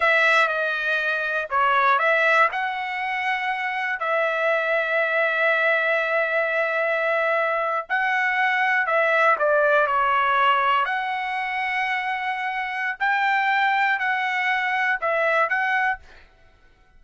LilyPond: \new Staff \with { instrumentName = "trumpet" } { \time 4/4 \tempo 4 = 120 e''4 dis''2 cis''4 | e''4 fis''2. | e''1~ | e''2.~ e''8. fis''16~ |
fis''4.~ fis''16 e''4 d''4 cis''16~ | cis''4.~ cis''16 fis''2~ fis''16~ | fis''2 g''2 | fis''2 e''4 fis''4 | }